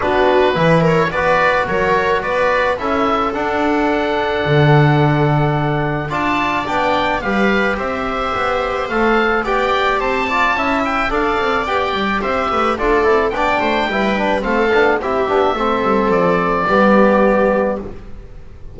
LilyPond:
<<
  \new Staff \with { instrumentName = "oboe" } { \time 4/4 \tempo 4 = 108 b'4. cis''8 d''4 cis''4 | d''4 e''4 fis''2~ | fis''2. a''4 | g''4 f''4 e''2 |
f''4 g''4 a''4. g''8 | f''4 g''4 e''4 d''4 | g''2 f''4 e''4~ | e''4 d''2. | }
  \new Staff \with { instrumentName = "viola" } { \time 4/4 fis'4 b'8 ais'8 b'4 ais'4 | b'4 a'2.~ | a'2. d''4~ | d''4 b'4 c''2~ |
c''4 d''4 c''8 d''8 e''4 | d''2 c''8 b'8 a'4 | d''8 c''8 b'4 a'4 g'4 | a'2 g'2 | }
  \new Staff \with { instrumentName = "trombone" } { \time 4/4 d'4 e'4 fis'2~ | fis'4 e'4 d'2~ | d'2. f'4 | d'4 g'2. |
a'4 g'4. f'8 e'4 | a'4 g'2 f'8 e'8 | d'4 e'8 d'8 c'8 d'8 e'8 d'8 | c'2 b2 | }
  \new Staff \with { instrumentName = "double bass" } { \time 4/4 b4 e4 b4 fis4 | b4 cis'4 d'2 | d2. d'4 | b4 g4 c'4 b4 |
a4 b4 c'4 cis'4 | d'8 c'8 b8 g8 c'8 a8 d'8 c'8 | b8 a8 g4 a8 b8 c'8 b8 | a8 g8 f4 g2 | }
>>